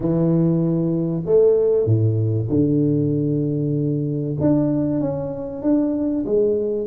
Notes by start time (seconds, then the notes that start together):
0.00 E3
1.25 A3
1.85 A2
2.49 D3
4.40 D4
5.00 C#4
5.62 D4
6.25 G#3